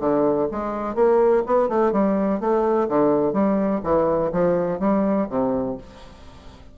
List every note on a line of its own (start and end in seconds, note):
0.00 0.48 D3
0.52 0.95 G#3
0.95 1.43 A#3
1.46 1.69 B3
1.69 1.92 A3
1.92 2.40 G3
2.40 2.88 A3
2.89 3.33 D3
3.33 3.81 G3
3.83 4.31 E3
4.33 4.80 F3
4.80 5.28 G3
5.30 5.78 C3